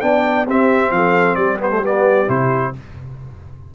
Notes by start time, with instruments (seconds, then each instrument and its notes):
0.00 tuba B3, trombone D4, horn D5, trumpet G5
0.46 tuba C4, trombone C4, horn G4, trumpet E5
0.90 tuba F3, horn A4, trumpet F5
1.34 tuba G3, horn G4, trumpet D5
1.59 trombone B3, trumpet C5
1.70 trombone A3
1.82 trombone B3, trumpet D5
2.27 tuba C3, trombone E4, trumpet C5